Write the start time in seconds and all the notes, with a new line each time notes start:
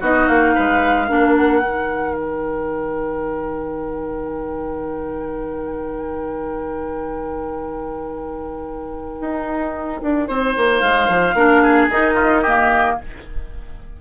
0.00 B3 D#4 F#4 D#5
0.27 A#3 F5
0.54 G#3 B4
1.08 A#3 D4 A#4
1.36 F#5
1.62 D#3 D#4
2.15 G5
9.20 D#4
10.02 D4
10.28 C4 C5
10.56 A#3
10.79 G#3 F5
11.08 F3
11.34 A#3 D4 A#4
11.62 G#4
11.89 D#3 D#4 D#5
12.14 F4
12.42 A#3 G4